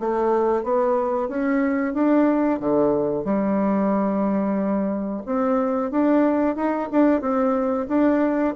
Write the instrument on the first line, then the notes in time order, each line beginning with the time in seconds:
bassoon
0.00 A3
0.64 B3
1.29 C#4
1.94 D4
2.60 D3
3.25 G3
5.26 C4
5.91 D4
6.56 D#4
6.92 D4
7.21 C4
7.89 D4